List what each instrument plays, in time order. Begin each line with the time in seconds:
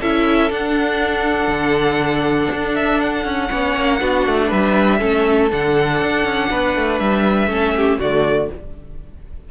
0.00 cello C#4, viola E4, violin A4 E5
0.50 viola D4, cello D4, violin F#5
1.48 cello D3
2.52 cello D4
2.75 violin E5
3.00 violin F#5
3.25 cello C#4
3.49 cello B3, viola C#4, violin C#5
3.76 cello A#3
4.00 cello B3, viola D4, violin F#4
4.26 cello A3
4.48 cello G3, violin B4 E5
4.99 cello A3, viola C#4, violin A4
5.51 cello D3, viola D4, violin F#5
6.02 cello D4
6.25 cello C#4
6.50 cello B3, violin B4
6.76 cello A3
6.99 cello G3, violin E5
7.47 cello A3, viola C#4, violin A4
7.76 violin G4
7.99 cello D3, viola A3, violin F#4 D5